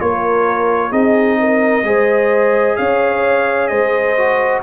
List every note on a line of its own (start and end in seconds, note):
0.00 0.92 A#3
0.00 0.92 F4
0.00 0.92 A#4
0.00 0.93 C#5
0.92 1.84 C4
0.92 1.84 D#4
0.92 1.38 G#4
0.92 2.77 D#5
1.40 1.86 A#4
1.84 2.76 G#3
1.84 4.16 G#4
1.84 2.79 C5
2.77 3.71 C#4
2.77 3.71 C#5
2.77 3.68 F5
3.68 4.64 G#3
3.68 4.63 C5
3.68 4.60 D#5
4.17 4.63 F#4